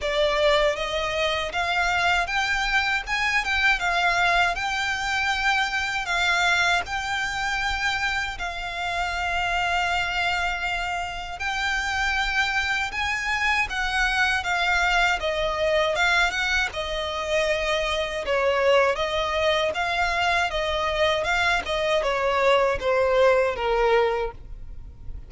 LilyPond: \new Staff \with { instrumentName = "violin" } { \time 4/4 \tempo 4 = 79 d''4 dis''4 f''4 g''4 | gis''8 g''8 f''4 g''2 | f''4 g''2 f''4~ | f''2. g''4~ |
g''4 gis''4 fis''4 f''4 | dis''4 f''8 fis''8 dis''2 | cis''4 dis''4 f''4 dis''4 | f''8 dis''8 cis''4 c''4 ais'4 | }